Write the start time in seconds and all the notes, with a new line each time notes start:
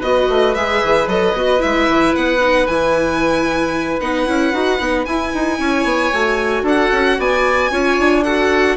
0.00 B3 F#4 B4 D#5
0.29 A3
0.55 G#3 G#4 E5
0.84 E3
1.08 F#3 A4 D#5
1.34 B3 F#4
1.59 E4 E5
1.65 G#3
1.89 E3
2.15 B3 F#5
2.41 D#4
2.67 E3 E4 G#5
4.01 B3 D#4 F#5
4.27 C#4 E4
4.53 D#4 F#4
4.80 B3 D#4
5.06 E4 G#5
5.34 D#4
5.60 C#4 C#5
5.85 B3
6.13 A3 F#4
6.63 D4 A4 F#5
6.92 C#4
7.19 B3 D5 G#5
7.71 C#4 F4 C#5
7.99 D4
8.24 F#4 A4 F#5